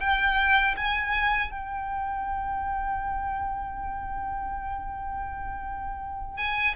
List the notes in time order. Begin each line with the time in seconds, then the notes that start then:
0.00 G5
0.77 G#5
1.51 G5
6.38 G#5